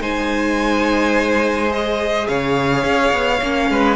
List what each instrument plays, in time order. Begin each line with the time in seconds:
0.00 cello G#3, viola D#4, violin C5 G#5
1.68 viola G#4, violin D#5
2.28 cello C#3, violin C#5 F5
2.83 cello C#4
3.13 cello B3
3.42 cello A#3, viola C#4
3.70 cello G#3, violin B4